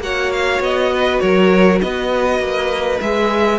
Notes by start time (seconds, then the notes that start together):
0.00 A#3 F#4 C#5 F#5
0.32 F5
0.60 B3 D#5
0.92 B4
1.20 F#3 A#4 C#5
1.82 B3 B4 D#5
2.40 A#3
3.00 G#3 G#4 E5